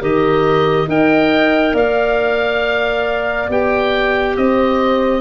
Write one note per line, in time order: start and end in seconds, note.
0.00 0.87 D#3
0.00 0.87 G4
0.00 0.87 A#4
0.00 0.89 D#5
0.87 1.73 D#4
0.87 3.48 A#4
0.87 1.74 D#5
0.87 1.76 G5
1.73 3.47 A#3
1.73 4.35 D5
1.73 3.50 F5
3.49 4.36 B3
3.49 5.20 G4
3.49 4.36 G5
4.36 5.20 C4
4.36 5.20 C5
4.36 5.20 D#5